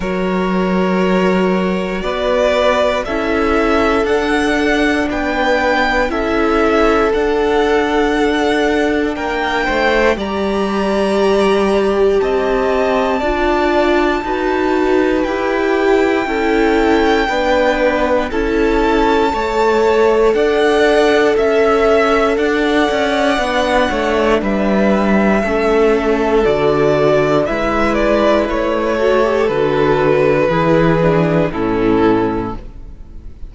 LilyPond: <<
  \new Staff \with { instrumentName = "violin" } { \time 4/4 \tempo 4 = 59 cis''2 d''4 e''4 | fis''4 g''4 e''4 fis''4~ | fis''4 g''4 ais''2 | a''2. g''4~ |
g''2 a''2 | fis''4 e''4 fis''2 | e''2 d''4 e''8 d''8 | cis''4 b'2 a'4 | }
  \new Staff \with { instrumentName = "violin" } { \time 4/4 ais'2 b'4 a'4~ | a'4 b'4 a'2~ | a'4 ais'8 c''8 d''2 | dis''4 d''4 b'2 |
a'4 b'4 a'4 cis''4 | d''4 e''4 d''4. cis''8 | b'4 a'2 b'4~ | b'8 a'4. gis'4 e'4 | }
  \new Staff \with { instrumentName = "viola" } { \time 4/4 fis'2. e'4 | d'2 e'4 d'4~ | d'2 g'2~ | g'4 f'4 fis'4 g'4 |
e'4 d'4 e'4 a'4~ | a'2. d'4~ | d'4 cis'4 fis'4 e'4~ | e'8 fis'16 g'16 fis'4 e'8 d'8 cis'4 | }
  \new Staff \with { instrumentName = "cello" } { \time 4/4 fis2 b4 cis'4 | d'4 b4 cis'4 d'4~ | d'4 ais8 a8 g2 | c'4 d'4 dis'4 e'4 |
cis'4 b4 cis'4 a4 | d'4 cis'4 d'8 cis'8 b8 a8 | g4 a4 d4 gis4 | a4 d4 e4 a,4 | }
>>